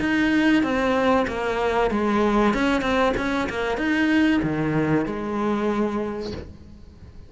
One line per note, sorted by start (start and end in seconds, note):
0.00 0.63 D#4
0.63 1.26 C4
1.27 1.90 A#3
1.91 2.53 G#3
2.53 2.81 C#4
2.81 3.13 C4
3.17 3.49 C#4
3.49 3.78 A#3
3.78 4.41 D#4
4.43 5.06 D#3
5.06 6.32 G#3